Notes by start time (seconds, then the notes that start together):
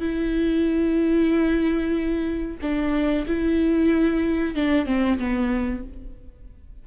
0.00 E4
2.62 D4
3.27 E4
4.55 D4
4.86 C4
5.19 B3